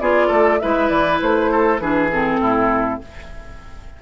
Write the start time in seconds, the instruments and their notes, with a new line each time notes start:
0.00 bassoon B3, clarinet F4, oboe G#4, flute D5
0.27 bassoon A3, oboe A4
0.60 bassoon G#3, clarinet E4, oboe B4, flute E5
0.89 bassoon E3, flute D5
1.22 bassoon A3, flute C5
1.52 oboe A4
1.79 bassoon E3, clarinet D4, oboe G#4, flute B4
2.12 clarinet C4, flute A4
2.40 bassoon A2, oboe E4